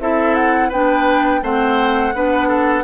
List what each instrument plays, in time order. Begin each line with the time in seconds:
0.00 bassoon C4, clarinet E4, oboe A4, flute E5
0.35 flute F#5
0.69 bassoon B3, clarinet D4, oboe B4, flute G5
1.42 bassoon A3, clarinet C4, oboe C5, flute F#5
2.15 bassoon B3, clarinet D4, oboe B4
2.49 oboe A4